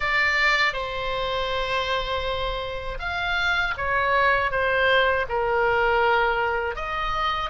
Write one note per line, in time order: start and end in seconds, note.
0.00 0.73 D5
0.73 2.98 C5
2.99 3.74 F5
3.77 4.51 C#5
4.51 5.26 C5
5.28 6.75 A#4
6.75 7.50 D#5